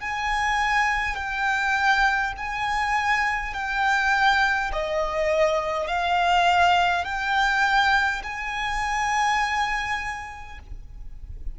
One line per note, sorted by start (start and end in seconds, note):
0.00 1.15 G#5
1.15 2.33 G5
2.37 3.53 G#5
3.53 4.71 G5
4.72 5.87 D#5
5.87 7.04 F5
7.04 8.22 G5
8.23 10.58 G#5